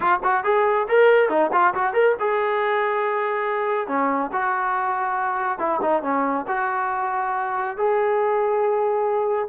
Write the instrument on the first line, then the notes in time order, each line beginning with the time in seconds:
trombone
0.00 F4
0.23 F#4
0.44 G#4
0.88 A#4
1.29 D#4
1.52 F4
1.74 F#4
1.93 A#4
2.19 G#4
3.87 C#4
4.32 F#4
5.58 E4
5.81 D#4
6.02 C#4
6.47 F#4
7.77 G#4